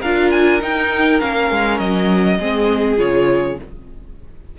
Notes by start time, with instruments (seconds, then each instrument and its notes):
0.00 cello D4, viola F4, violin A#4 F5
0.31 violin G#5
0.60 viola D#4, cello D#4, violin G5
1.20 cello A#3, viola C#4, violin F5
1.50 cello G#3
1.78 cello F#3, violin D#5
2.38 cello G#3, viola C4, violin G#4
2.97 cello C#3, viola F4, violin C#5